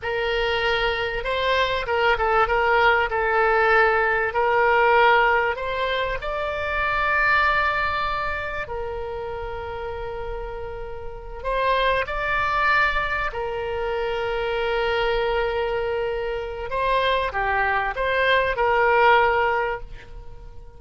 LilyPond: \new Staff \with { instrumentName = "oboe" } { \time 4/4 \tempo 4 = 97 ais'2 c''4 ais'8 a'8 | ais'4 a'2 ais'4~ | ais'4 c''4 d''2~ | d''2 ais'2~ |
ais'2~ ais'8 c''4 d''8~ | d''4. ais'2~ ais'8~ | ais'2. c''4 | g'4 c''4 ais'2 | }